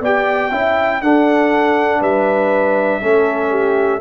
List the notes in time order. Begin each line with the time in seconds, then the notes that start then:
0.00 B3 G4 D5 G5
0.51 C#4 E4 E5
1.01 D4 A4 F#5
2.00 G3 B4 E5
3.01 A3 C#4 A4
3.50 G4